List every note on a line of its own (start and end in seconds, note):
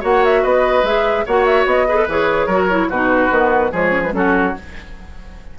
0.00 0.44 A#3
0.00 0.83 F#4
0.00 0.41 C#5
0.00 0.24 F#5
0.24 0.44 E5
0.42 0.83 B3
0.42 1.24 B4
0.42 0.85 D#5
0.83 1.24 G#3
0.83 1.26 G#4
0.83 1.26 E5
1.26 1.65 A#3
1.26 1.88 F#4
1.26 1.87 C#5
1.26 1.45 F#5
1.45 1.66 E5
1.65 2.06 B3
1.65 2.08 D#5
1.88 1.96 G#4
1.88 2.46 B4
1.96 2.06 A4
2.07 2.47 E3
2.07 2.50 G#4
2.07 2.90 C#5
2.46 2.88 F#3
2.46 2.70 F#4
2.46 2.87 A#4
2.70 2.90 E4
2.89 3.30 B2
2.89 3.31 D#4
2.89 3.71 F#4
2.89 3.72 B4
3.30 3.71 D#3
3.30 3.72 B3
3.71 4.13 F3
3.71 3.91 G#3
3.71 4.12 G#4
3.71 4.03 C#5
3.91 4.02 C#4
4.03 4.13 G#3
4.03 4.13 B4
4.13 4.54 F#3
4.13 4.54 C#4
4.13 4.58 F#4
4.13 4.55 A4